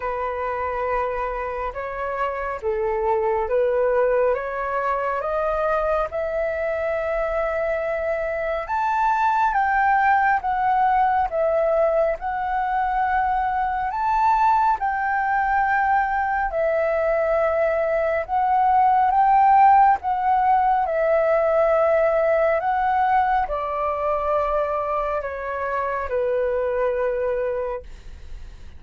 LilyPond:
\new Staff \with { instrumentName = "flute" } { \time 4/4 \tempo 4 = 69 b'2 cis''4 a'4 | b'4 cis''4 dis''4 e''4~ | e''2 a''4 g''4 | fis''4 e''4 fis''2 |
a''4 g''2 e''4~ | e''4 fis''4 g''4 fis''4 | e''2 fis''4 d''4~ | d''4 cis''4 b'2 | }